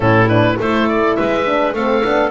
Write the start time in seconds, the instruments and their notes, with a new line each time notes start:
0.00 double bass A2, horn C#4, clarinet E4, oboe A4
0.28 horn D4, oboe B4
0.59 double bass A3, horn E4, clarinet A4, oboe C5
0.88 oboe D5
1.15 double bass G#3, clarinet B4, oboe E5
1.45 horn D4
1.73 double bass A3, horn C4, clarinet A4, oboe F5
2.04 double bass B3, horn D4